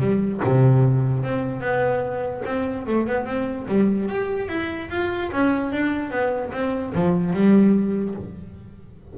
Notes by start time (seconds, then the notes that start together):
0.00 G3
0.44 C3
1.23 C4
1.61 B3
2.45 C4
2.87 A3
3.07 B3
3.25 C4
3.68 G3
4.09 G4
4.48 E4
4.90 F4
5.32 C#4
5.72 D4
6.11 B3
6.53 C4
6.95 F3
7.34 G3